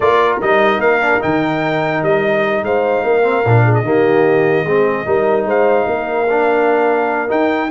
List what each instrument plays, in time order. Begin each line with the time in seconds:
0.00 tuba A#3, trombone F4, horn A#4, trumpet D5
0.41 tuba G3, trombone D#4, trumpet D#5
0.78 tuba A#3, trumpet F5
1.01 trombone D4
1.20 tuba D#3, trombone D#4, trumpet G5
2.02 tuba G3, trumpet D#5
2.62 tuba G#3, horn C5, trumpet F5
3.03 tuba A#3, horn A#4
3.22 trombone C4
3.45 tuba A#2, trombone D4
3.64 horn G#4
3.74 trumpet D#5
3.82 tuba D#3, trombone A#3, horn G4
4.63 tuba G#3, trombone C4, horn G#4
5.05 tuba G3, trombone D#4, horn A#4
5.45 tuba G#3, horn C5, trumpet F5
5.86 tuba A#3, horn A#4
6.30 trombone D4
7.28 trombone D#4, tuba D#4, trumpet G5